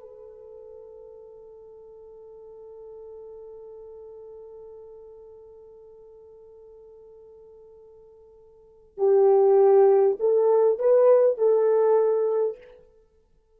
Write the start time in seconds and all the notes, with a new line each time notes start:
0.00 A4
8.98 G4
10.19 A4
10.79 B4
11.38 A4